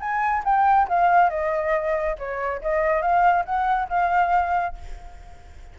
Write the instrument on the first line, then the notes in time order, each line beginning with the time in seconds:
flute
0.00 G#5
0.44 G5
0.88 F5
1.30 D#5
2.18 C#5
2.62 D#5
3.02 F5
3.45 F#5
3.88 F5